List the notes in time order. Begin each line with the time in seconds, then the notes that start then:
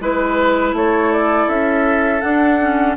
0.00 G#3 E4 B4
0.73 A3 A4 C#5
1.12 D5
1.48 C#4 E5
2.21 D4 F#5
2.60 C#4